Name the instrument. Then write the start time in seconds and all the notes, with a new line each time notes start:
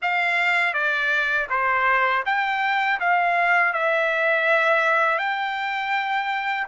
trumpet
0.02 F5
0.73 D5
1.49 C5
2.25 G5
3.00 F5
3.73 E5
5.18 G5